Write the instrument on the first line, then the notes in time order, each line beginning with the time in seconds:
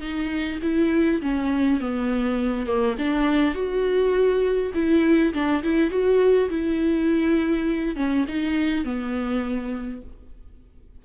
viola
0.00 D#4
0.62 E4
1.21 C#4
1.80 B3
2.66 A#3
2.98 D4
3.54 F#4
4.74 E4
5.33 D4
5.63 E4
5.90 F#4
6.49 E4
7.95 C#4
8.28 D#4
8.84 B3